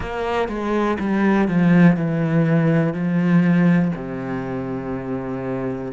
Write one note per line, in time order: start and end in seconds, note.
0.00 0.48 A#3
0.48 0.97 G#3
0.99 1.48 G3
1.48 1.96 F3
1.96 2.93 E3
2.93 3.91 F3
3.95 5.92 C3